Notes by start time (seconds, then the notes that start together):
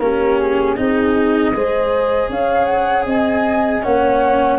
0.00 A#3 C#4 G4 A#4
0.39 G#4
0.77 C4 D#4 G#4 D#5
1.54 G#3 G#4 C5
2.29 C#4 C#5 F5
2.65 F#5
3.06 C4 D#5 G#5
3.83 A#3 C#4 C#5 F#5